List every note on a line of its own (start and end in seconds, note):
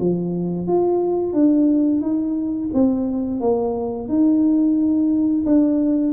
0.00 0.67 F3
0.67 1.34 F4
1.34 2.01 D4
2.01 2.69 D#4
2.74 3.40 C4
3.40 4.08 A#3
4.08 5.45 D#4
5.45 6.13 D4